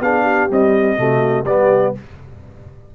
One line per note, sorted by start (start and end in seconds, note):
0.00 0.48 B3
0.00 0.49 D4
0.00 0.22 G#4
0.00 0.50 F5
0.22 0.94 G4
0.49 0.97 G3
0.49 0.98 C4
0.49 1.45 D#5
0.97 1.44 C3
0.97 1.45 A3
0.97 1.46 F#4
1.44 1.93 G3
1.44 1.94 B3
1.44 1.94 G4
1.44 1.93 D5